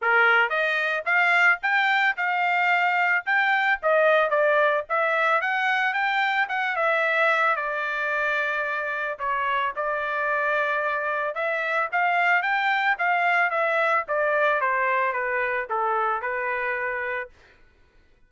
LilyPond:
\new Staff \with { instrumentName = "trumpet" } { \time 4/4 \tempo 4 = 111 ais'4 dis''4 f''4 g''4 | f''2 g''4 dis''4 | d''4 e''4 fis''4 g''4 | fis''8 e''4. d''2~ |
d''4 cis''4 d''2~ | d''4 e''4 f''4 g''4 | f''4 e''4 d''4 c''4 | b'4 a'4 b'2 | }